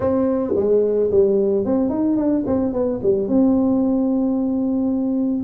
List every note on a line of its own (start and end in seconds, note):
0.00 0.54 C4
0.55 1.10 G#3
1.10 1.65 G3
1.65 1.89 C4
1.89 2.16 D#4
2.16 2.44 D4
2.46 2.72 C4
2.72 3.00 B3
3.02 3.28 G3
3.28 5.43 C4